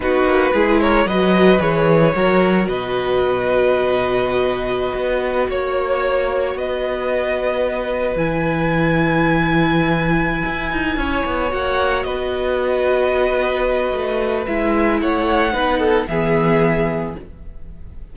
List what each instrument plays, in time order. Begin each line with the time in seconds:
0.00 cello B3, viola D#4, violin F#4 B4
0.24 cello A#3
0.53 cello G#3, viola E4, violin G#4
0.80 violin A#4 C#5
1.06 cello F#3, viola F#4, violin B4 D#5
1.58 cello E3, viola G#4, violin C#5
2.13 cello F#3, viola F#4, violin A#4
2.66 cello B2, violin B4 D#5
4.94 cello B3
5.48 cello A#3, violin C#5
6.54 cello B3, violin B4 D#5
8.15 cello E3, viola E4, violin G#5
10.45 cello E4
10.71 cello D#4
10.96 cello C#4, violin C#5
11.25 cello B3
11.49 cello A#3, viola F#4, violin F#5
12.03 cello B3, violin B4 D#5
13.93 cello A3
14.46 cello G#3, viola E4, violin E5
15.01 cello A3, violin C#5 F#5
15.52 cello B3, viola D#4, violin B4
15.79 violin A4
16.07 cello E3, viola B3, violin G#4 E5